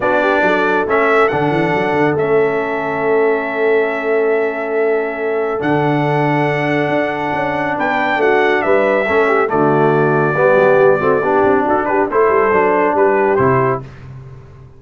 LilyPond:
<<
  \new Staff \with { instrumentName = "trumpet" } { \time 4/4 \tempo 4 = 139 d''2 e''4 fis''4~ | fis''4 e''2.~ | e''1~ | e''4 fis''2.~ |
fis''2 g''4 fis''4 | e''2 d''2~ | d''2. a'8 b'8 | c''2 b'4 c''4 | }
  \new Staff \with { instrumentName = "horn" } { \time 4/4 fis'8 g'8 a'2.~ | a'1~ | a'1~ | a'1~ |
a'2 b'4 fis'4 | b'4 a'8 g'8 fis'2 | g'4. fis'8 g'4 fis'8 g'8 | a'2 g'2 | }
  \new Staff \with { instrumentName = "trombone" } { \time 4/4 d'2 cis'4 d'4~ | d'4 cis'2.~ | cis'1~ | cis'4 d'2.~ |
d'1~ | d'4 cis'4 a2 | b4. c'8 d'2 | e'4 d'2 e'4 | }
  \new Staff \with { instrumentName = "tuba" } { \time 4/4 b4 fis4 a4 d8 e8 | fis8 d8 a2.~ | a1~ | a4 d2. |
d'4 cis'4 b4 a4 | g4 a4 d2 | g8 fis8 g8 a8 b8 c'8 d'4 | a8 g8 fis4 g4 c4 | }
>>